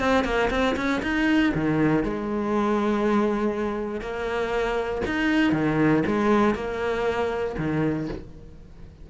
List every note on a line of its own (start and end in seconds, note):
0.00 0.25 C4
0.25 0.50 A#3
0.51 0.76 C4
0.77 1.02 C#4
1.03 1.53 D#4
1.55 2.04 D#3
2.04 4.01 G#3
4.01 5.02 A#3
5.06 5.53 D#4
5.53 6.03 D#3
6.07 6.55 G#3
6.55 7.56 A#3
7.58 8.09 D#3